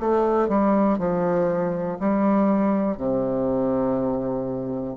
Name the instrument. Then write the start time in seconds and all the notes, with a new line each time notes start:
bassoon
0.00 A3
0.49 G3
0.99 F3
2.00 G3
2.97 C3